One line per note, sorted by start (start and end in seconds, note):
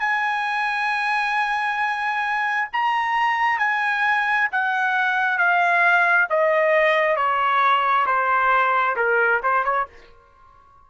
0.00 2.69 G#5
2.73 3.59 A#5
3.59 4.49 G#5
4.52 5.39 F#5
5.39 6.28 F5
6.30 7.17 D#5
7.17 8.06 C#5
8.06 8.96 C5
8.97 9.42 A#4
9.43 9.65 C5
9.65 9.87 C#5